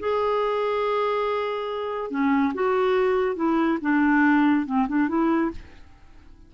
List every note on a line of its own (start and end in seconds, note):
0.00 2.11 G#4
2.11 2.53 C#4
2.54 3.36 F#4
3.36 3.78 E4
3.81 4.66 D4
4.66 4.87 C4
4.88 5.08 D4
5.08 5.51 E4